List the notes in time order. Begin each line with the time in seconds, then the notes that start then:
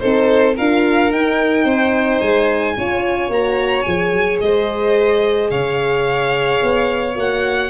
0.00 C4 D#4 A4 C5
0.56 D4 F4 A#4 F5
1.11 D#4 G5
1.64 C4 C5
2.21 G#3 G#5
2.77 C#4 F4 C#5
3.29 A#3 F#4 A#5
3.82 F3 G#4 G#5
4.13 F#3
4.41 G#3 C5 D#5
5.51 C#3 C#5 F5
6.63 B3
7.15 A#3 F#4 F#5